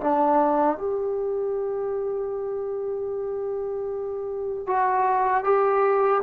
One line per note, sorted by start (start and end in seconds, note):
0.00 0.77 D4
0.77 4.66 G4
4.66 5.43 F#4
5.43 6.21 G4